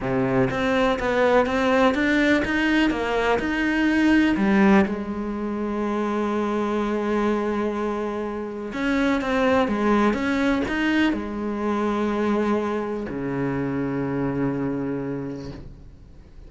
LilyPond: \new Staff \with { instrumentName = "cello" } { \time 4/4 \tempo 4 = 124 c4 c'4 b4 c'4 | d'4 dis'4 ais4 dis'4~ | dis'4 g4 gis2~ | gis1~ |
gis2 cis'4 c'4 | gis4 cis'4 dis'4 gis4~ | gis2. cis4~ | cis1 | }